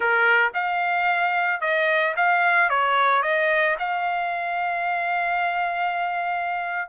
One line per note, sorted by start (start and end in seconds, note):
0.00 0.52 A#4
0.54 1.60 F5
1.60 2.14 D#5
2.16 2.69 F5
2.69 3.22 C#5
3.22 3.76 D#5
3.78 6.88 F5